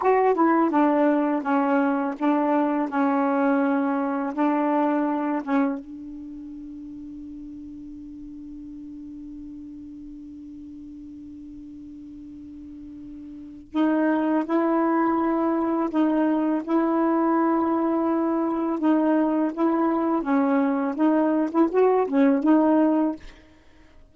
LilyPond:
\new Staff \with { instrumentName = "saxophone" } { \time 4/4 \tempo 4 = 83 fis'8 e'8 d'4 cis'4 d'4 | cis'2 d'4. cis'8 | d'1~ | d'1~ |
d'2. dis'4 | e'2 dis'4 e'4~ | e'2 dis'4 e'4 | cis'4 dis'8. e'16 fis'8 cis'8 dis'4 | }